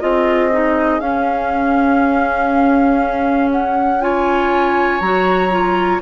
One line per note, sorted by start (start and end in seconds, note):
0.00 1.00 C4
0.00 0.50 F4
0.00 4.02 G#4
0.00 1.00 D#5
0.51 1.00 D#4
1.00 5.00 C#4
1.00 4.00 C#4
1.00 3.50 F5
3.51 4.01 F#5
4.01 5.01 F4
4.01 6.01 C#5
4.01 5.00 G#5
5.00 6.00 F#3
5.00 5.51 F#4
5.00 6.00 A#5
5.51 6.01 F4